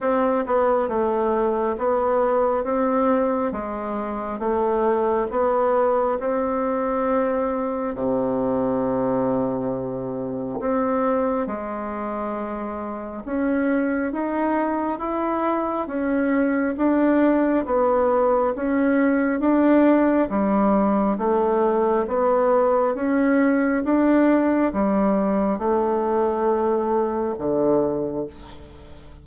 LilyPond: \new Staff \with { instrumentName = "bassoon" } { \time 4/4 \tempo 4 = 68 c'8 b8 a4 b4 c'4 | gis4 a4 b4 c'4~ | c'4 c2. | c'4 gis2 cis'4 |
dis'4 e'4 cis'4 d'4 | b4 cis'4 d'4 g4 | a4 b4 cis'4 d'4 | g4 a2 d4 | }